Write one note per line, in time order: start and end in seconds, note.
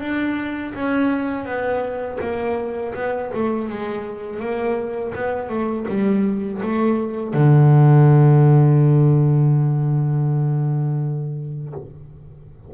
0.00 0.73 D4
0.74 1.45 C#4
1.45 2.18 B3
2.21 2.94 A#3
2.94 3.31 B3
3.34 3.69 A3
3.69 4.39 G#3
4.39 5.13 A#3
5.15 5.49 B3
5.49 5.86 A3
5.88 6.61 G3
6.62 7.34 A3
7.34 11.73 D3